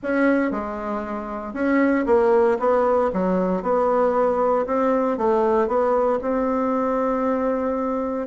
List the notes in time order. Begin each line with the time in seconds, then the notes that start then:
0.02 C#4
0.51 G#3
1.53 C#4
2.06 A#3
2.59 B3
3.13 F#3
3.62 B3
4.66 C4
5.17 A3
5.67 B3
6.21 C4